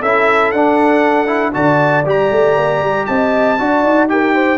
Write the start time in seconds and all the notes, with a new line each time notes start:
0.00 C#4 E4 A4 E5
0.51 D4 F#5
1.26 E4
1.52 D3 F#4 D5 A5
2.05 G3 G4 A#5
2.31 A3
2.57 A#3
2.80 G3
3.06 C4 D#5 A5
3.58 D4 F#4 D5
3.82 D#4
4.08 G4 A#4 G5
4.34 C5